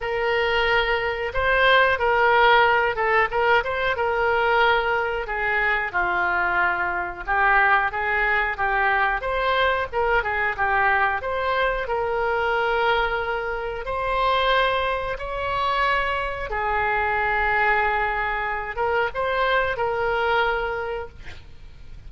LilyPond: \new Staff \with { instrumentName = "oboe" } { \time 4/4 \tempo 4 = 91 ais'2 c''4 ais'4~ | ais'8 a'8 ais'8 c''8 ais'2 | gis'4 f'2 g'4 | gis'4 g'4 c''4 ais'8 gis'8 |
g'4 c''4 ais'2~ | ais'4 c''2 cis''4~ | cis''4 gis'2.~ | gis'8 ais'8 c''4 ais'2 | }